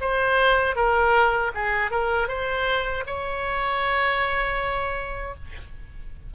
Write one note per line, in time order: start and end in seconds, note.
0.00 0.75 C5
0.75 1.51 A#4
1.54 1.90 G#4
1.90 2.28 A#4
2.28 3.04 C5
3.06 5.34 C#5